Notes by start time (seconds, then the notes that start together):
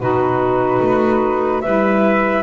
0.00 B2 D#4 F#4 B4
0.80 A3
1.62 G3 E4 B4 E5